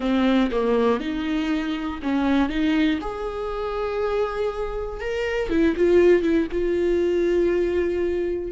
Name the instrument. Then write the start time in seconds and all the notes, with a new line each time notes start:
viola
0.00 C4
0.51 A#3
1.00 D#4
2.02 C#4
2.49 D#4
3.01 G#4
5.00 A#4
5.49 E4
5.76 F4
6.22 E4
6.51 F4